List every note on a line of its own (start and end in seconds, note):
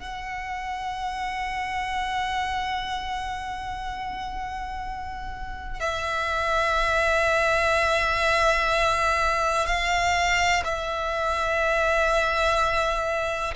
0.00 5.81 F#5
5.81 9.67 E5
9.67 10.64 F5
10.65 13.55 E5